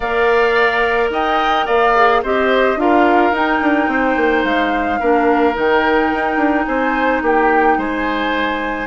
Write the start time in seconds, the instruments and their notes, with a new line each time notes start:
0.00 bassoon A#3, clarinet A#4, oboe D5, flute F5
1.10 bassoon D#4, oboe D#5, flute G5
1.66 bassoon A#3, oboe D5, flute F5
1.95 clarinet G#4
2.22 bassoon C4, clarinet G4, oboe C5, flute D#5
2.76 bassoon D4, clarinet F4, oboe A#4, flute F5
3.31 bassoon D#4, clarinet D#4, flute G5
3.61 bassoon D4
3.87 bassoon C4, oboe C5
4.16 bassoon A#3
4.44 bassoon G#3, flute F5
4.99 bassoon A#3, clarinet D4, oboe A#4
5.53 bassoon D#3, clarinet D#4, flute G5
6.13 bassoon D#4
6.36 bassoon D4
6.65 bassoon C4, oboe C5, flute G#5
7.22 bassoon A#3, oboe G4, flute G5
7.77 bassoon G#3, oboe C5, flute G#5